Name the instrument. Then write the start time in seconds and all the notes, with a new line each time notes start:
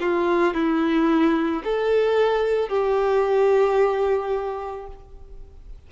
violin
0.00 F4
0.54 E4
1.64 A4
2.69 G4